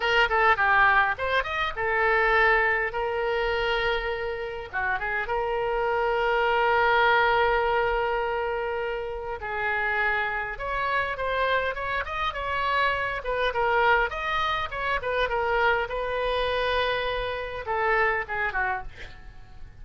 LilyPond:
\new Staff \with { instrumentName = "oboe" } { \time 4/4 \tempo 4 = 102 ais'8 a'8 g'4 c''8 dis''8 a'4~ | a'4 ais'2. | fis'8 gis'8 ais'2.~ | ais'1 |
gis'2 cis''4 c''4 | cis''8 dis''8 cis''4. b'8 ais'4 | dis''4 cis''8 b'8 ais'4 b'4~ | b'2 a'4 gis'8 fis'8 | }